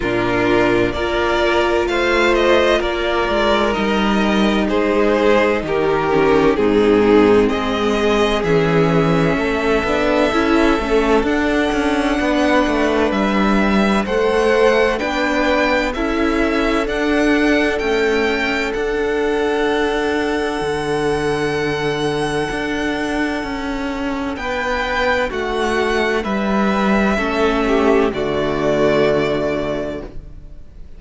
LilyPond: <<
  \new Staff \with { instrumentName = "violin" } { \time 4/4 \tempo 4 = 64 ais'4 d''4 f''8 dis''8 d''4 | dis''4 c''4 ais'4 gis'4 | dis''4 e''2. | fis''2 e''4 fis''4 |
g''4 e''4 fis''4 g''4 | fis''1~ | fis''2 g''4 fis''4 | e''2 d''2 | }
  \new Staff \with { instrumentName = "violin" } { \time 4/4 f'4 ais'4 c''4 ais'4~ | ais'4 gis'4 g'4 dis'4 | gis'2 a'2~ | a'4 b'2 c''4 |
b'4 a'2.~ | a'1~ | a'2 b'4 fis'4 | b'4 a'8 g'8 fis'2 | }
  \new Staff \with { instrumentName = "viola" } { \time 4/4 d'4 f'2. | dis'2~ dis'8 cis'8 c'4~ | c'4 cis'4. d'8 e'8 cis'8 | d'2. a'4 |
d'4 e'4 d'4 a4 | d'1~ | d'1~ | d'4 cis'4 a2 | }
  \new Staff \with { instrumentName = "cello" } { \time 4/4 ais,4 ais4 a4 ais8 gis8 | g4 gis4 dis4 gis,4 | gis4 e4 a8 b8 cis'8 a8 | d'8 cis'8 b8 a8 g4 a4 |
b4 cis'4 d'4 cis'4 | d'2 d2 | d'4 cis'4 b4 a4 | g4 a4 d2 | }
>>